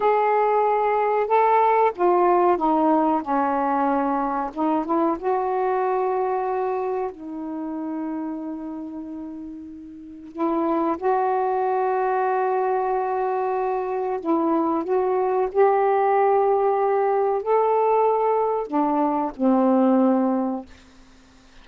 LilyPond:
\new Staff \with { instrumentName = "saxophone" } { \time 4/4 \tempo 4 = 93 gis'2 a'4 f'4 | dis'4 cis'2 dis'8 e'8 | fis'2. dis'4~ | dis'1 |
e'4 fis'2.~ | fis'2 e'4 fis'4 | g'2. a'4~ | a'4 d'4 c'2 | }